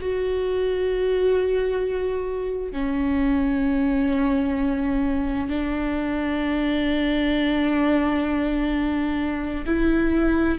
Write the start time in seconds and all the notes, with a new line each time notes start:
0.00 F#4
2.72 C#4
5.49 D4
9.66 E4